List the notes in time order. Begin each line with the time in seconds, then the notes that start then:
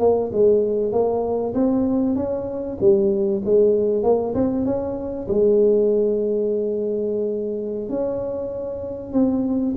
0.00 A#3
0.33 G#3
0.92 A#3
1.54 C4
2.16 C#4
2.81 G3
3.45 G#3
4.03 A#3
4.35 C4
4.66 C#4
5.28 G#3
7.90 C#4
9.13 C4